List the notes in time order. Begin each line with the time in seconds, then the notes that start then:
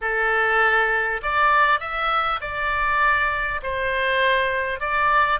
0.01 A4
1.22 D5
1.80 E5
2.40 D5
3.62 C5
4.79 D5